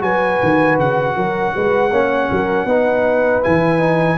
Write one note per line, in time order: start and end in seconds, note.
0.00 0.39 F#3
0.00 1.90 F#4
0.00 1.16 B4
0.00 0.78 G#5
0.43 0.78 D#3
0.78 1.16 C#3
0.78 3.44 F#5
1.16 1.54 F#3
1.16 1.54 A#4
1.54 1.92 G#3
1.54 1.91 B4
1.91 2.30 A#3
1.91 2.68 C#4
1.91 2.28 C#5
2.31 2.65 F#3
2.31 2.66 A#4
2.65 3.41 B3
2.65 3.43 D#4
2.65 4.18 B4
3.43 4.18 E3
3.43 3.80 E4
3.43 4.18 G#5
3.80 4.18 D#4